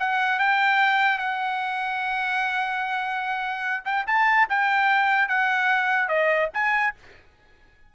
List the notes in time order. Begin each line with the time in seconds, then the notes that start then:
0.00 F#5
0.39 G5
1.19 F#5
3.85 G5
4.07 A5
4.50 G5
5.29 F#5
6.09 D#5
6.54 G#5